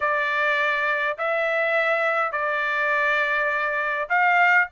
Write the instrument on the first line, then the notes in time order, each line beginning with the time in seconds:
trumpet
0.00 D5
1.18 E5
2.32 D5
4.09 F5